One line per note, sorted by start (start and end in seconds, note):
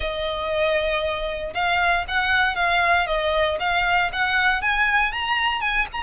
0.00 1.53 D#5
1.54 2.05 F5
2.08 2.55 F#5
2.55 3.06 F5
3.06 3.58 D#5
3.59 4.10 F5
4.12 4.61 F#5
4.61 5.12 G#5
5.12 5.60 A#5
5.60 5.86 G#5
5.92 6.03 A#5